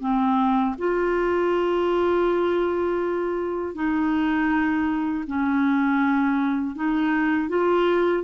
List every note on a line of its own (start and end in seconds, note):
0.00 0.75 C4
0.78 3.74 F4
3.74 5.24 D#4
5.27 6.75 C#4
6.75 7.48 D#4
7.48 8.23 F4